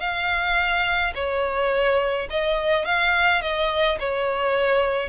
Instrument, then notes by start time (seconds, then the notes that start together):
violin
0.00 F5
1.15 C#5
2.30 D#5
2.85 F5
3.42 D#5
3.99 C#5